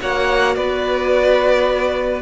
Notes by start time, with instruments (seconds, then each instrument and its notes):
0.00 cello A#3, viola F#4, violin C#5 F#5
0.56 cello B3, violin B4 D5